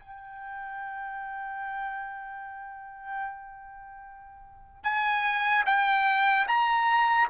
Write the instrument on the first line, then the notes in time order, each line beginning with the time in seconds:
trumpet
0.00 G5
4.84 G#5
5.66 G5
6.48 A#5